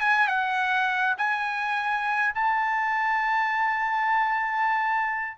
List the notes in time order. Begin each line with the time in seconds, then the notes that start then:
0.00 G#5
0.27 F#5
1.17 G#5
2.34 A5